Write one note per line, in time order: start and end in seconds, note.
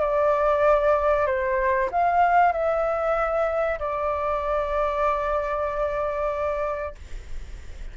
0.00 1.26 D5
1.26 1.89 C5
1.91 2.52 F5
2.52 3.78 E5
3.79 6.94 D5